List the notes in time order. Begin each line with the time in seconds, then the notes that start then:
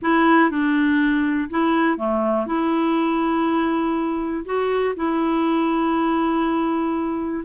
0.02 E4
0.50 D4
1.50 E4
1.97 A3
2.46 E4
4.45 F#4
4.96 E4